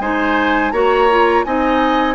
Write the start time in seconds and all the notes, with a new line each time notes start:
0.00 G#3 D#4 C5 G#5
0.72 A#3 F#4 C#5 A#5
1.10 F4
1.45 C4 D#4 D#5 G#5